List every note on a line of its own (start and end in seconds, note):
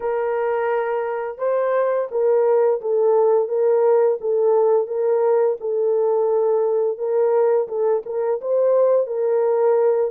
0.00 1.38 A#4
1.38 2.07 C5
2.11 2.80 A#4
2.81 3.48 A4
3.48 4.18 A#4
4.20 4.87 A4
4.87 5.57 A#4
5.60 6.98 A4
6.98 7.67 A#4
7.67 8.02 A4
8.05 8.40 A#4
8.41 9.06 C5
9.06 10.11 A#4